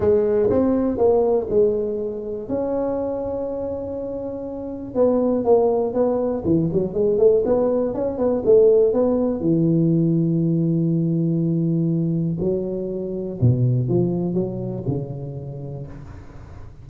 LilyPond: \new Staff \with { instrumentName = "tuba" } { \time 4/4 \tempo 4 = 121 gis4 c'4 ais4 gis4~ | gis4 cis'2.~ | cis'2 b4 ais4 | b4 e8 fis8 gis8 a8 b4 |
cis'8 b8 a4 b4 e4~ | e1~ | e4 fis2 b,4 | f4 fis4 cis2 | }